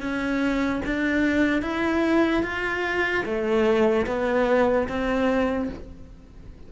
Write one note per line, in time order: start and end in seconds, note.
0.00 0.81 C#4
0.85 1.62 D4
1.62 2.43 E4
2.43 3.24 F4
3.25 4.06 A3
4.06 4.87 B3
4.88 5.69 C4